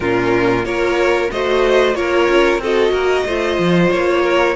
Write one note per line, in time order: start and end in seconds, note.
0.00 0.64 A#2
0.00 0.63 C#4
0.00 0.66 F4
0.00 0.65 A#4
0.63 1.30 A#3
0.63 1.29 F4
0.63 1.31 A#4
0.63 1.30 C#5
1.31 1.95 A3
1.31 1.94 F#4
1.31 1.96 C5
1.31 1.95 D#5
1.94 2.27 A#3
1.94 2.59 F4
1.94 2.61 A#4
1.94 2.60 C#5
2.28 2.57 C#4
2.57 2.90 C4
2.57 3.27 F#4
2.57 2.91 A4
2.57 3.91 D#5
2.91 3.23 A#3
2.91 3.24 A#4
3.25 3.58 A3
3.25 4.55 F4
3.25 4.22 C5
3.58 3.90 F3
3.91 4.55 A#3
3.91 4.55 C#5
4.22 4.54 A#4